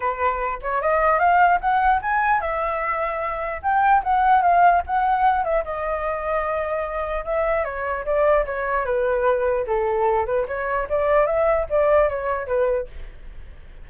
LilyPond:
\new Staff \with { instrumentName = "flute" } { \time 4/4 \tempo 4 = 149 b'4. cis''8 dis''4 f''4 | fis''4 gis''4 e''2~ | e''4 g''4 fis''4 f''4 | fis''4. e''8 dis''2~ |
dis''2 e''4 cis''4 | d''4 cis''4 b'2 | a'4. b'8 cis''4 d''4 | e''4 d''4 cis''4 b'4 | }